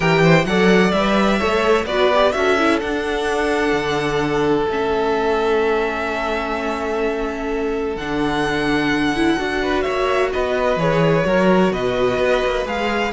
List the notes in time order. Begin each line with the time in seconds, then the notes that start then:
0.00 E3 G4 A#4 G5
0.23 C5
0.44 F#3 A4 D5 F#5
0.91 G3 B4 E5
1.38 A3 A4 C#5
1.85 B3 F#4 B4 D5
2.13 G4
2.32 C#4 F#4 A4 E5
2.58 E4
2.79 D4 F#5
3.72 D3
4.68 A3 C#4 E5
7.96 D3 D4 F#5
9.16 E4
9.37 D4 F#4
9.61 B4
9.81 A#3 C#5 E5
10.33 B3 B4 D#5
10.76 E3 G#4 C#5
11.25 F#3 F#4 A#4
11.71 B2 B4 D#5
12.18 B3
12.45 A#3
12.65 G#3 G#4 F5